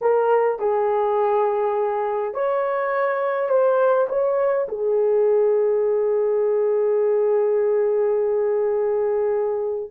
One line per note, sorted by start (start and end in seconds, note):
0.01 0.59 A#4
0.59 2.34 G#4
2.34 3.49 C#5
3.49 4.07 C5
4.09 4.67 C#5
4.68 9.90 G#4